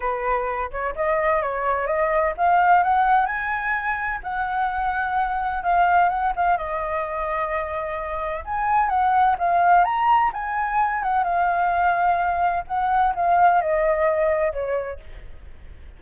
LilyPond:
\new Staff \with { instrumentName = "flute" } { \time 4/4 \tempo 4 = 128 b'4. cis''8 dis''4 cis''4 | dis''4 f''4 fis''4 gis''4~ | gis''4 fis''2. | f''4 fis''8 f''8 dis''2~ |
dis''2 gis''4 fis''4 | f''4 ais''4 gis''4. fis''8 | f''2. fis''4 | f''4 dis''2 cis''4 | }